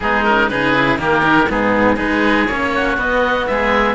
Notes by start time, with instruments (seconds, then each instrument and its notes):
0.00 cello G#3 B3, oboe D#4 G#4
0.24 cello C#4, oboe A#4
0.48 cello C#3 D#4, oboe G#4 B4
0.74 cello E4
0.98 cello D#3 A#3, oboe G4 A#4
1.22 cello D#4
1.49 cello G#2 B3, oboe D#4 G#4
1.95 cello G#3 D#4, oboe G#4 B4
2.46 cello A#3 C#4, oboe C#5
2.75 oboe F#4
2.96 cello B3, oboe D#5
3.46 cello G#3, oboe G#4 E5